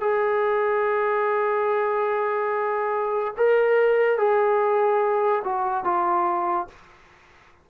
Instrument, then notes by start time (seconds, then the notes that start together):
trombone
0.00 G#4
3.37 A#4
4.17 G#4
5.44 F#4
5.84 F4